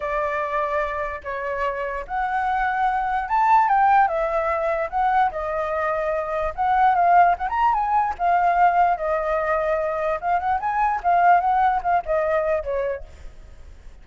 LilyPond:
\new Staff \with { instrumentName = "flute" } { \time 4/4 \tempo 4 = 147 d''2. cis''4~ | cis''4 fis''2. | a''4 g''4 e''2 | fis''4 dis''2. |
fis''4 f''4 fis''16 ais''8. gis''4 | f''2 dis''2~ | dis''4 f''8 fis''8 gis''4 f''4 | fis''4 f''8 dis''4. cis''4 | }